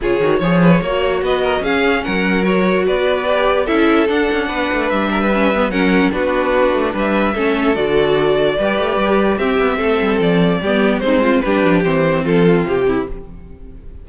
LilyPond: <<
  \new Staff \with { instrumentName = "violin" } { \time 4/4 \tempo 4 = 147 cis''2. dis''4 | f''4 fis''4 cis''4 d''4~ | d''4 e''4 fis''2 | e''2 fis''4 b'4~ |
b'4 e''2 d''4~ | d''2. e''4~ | e''4 d''2 c''4 | b'4 c''4 a'4 g'4 | }
  \new Staff \with { instrumentName = "violin" } { \time 4/4 gis'4 cis''8 b'8 cis''4 b'8 ais'8 | gis'4 ais'2 b'4~ | b'4 a'2 b'4~ | b'8 ais'16 b'4~ b'16 ais'4 fis'4~ |
fis'4 b'4 a'2~ | a'4 b'2 g'4 | a'2 g'4 dis'8 f'8 | g'2 f'4. e'8 | }
  \new Staff \with { instrumentName = "viola" } { \time 4/4 f'8 fis'8 gis'4 fis'2 | cis'2 fis'2 | g'4 e'4 d'2~ | d'4 cis'8 b8 cis'4 d'4~ |
d'2 cis'4 fis'4~ | fis'4 g'2 c'4~ | c'2 b4 c'4 | d'4 c'2. | }
  \new Staff \with { instrumentName = "cello" } { \time 4/4 cis8 dis8 f4 ais4 b4 | cis'4 fis2 b4~ | b4 cis'4 d'8 cis'8 b8 a8 | g2 fis4 b4~ |
b8 a8 g4 a4 d4~ | d4 g8 a8 g4 c'8 b8 | a8 g8 f4 g4 gis4 | g8 f8 e4 f4 c4 | }
>>